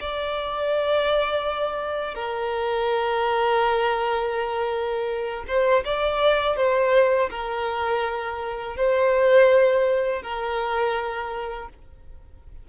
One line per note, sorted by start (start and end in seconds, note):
0.00 2.15 D5
2.15 5.44 A#4
5.47 5.84 C5
5.85 6.56 D5
6.56 7.29 C5
7.30 8.76 A#4
8.76 10.22 C5
10.22 11.68 A#4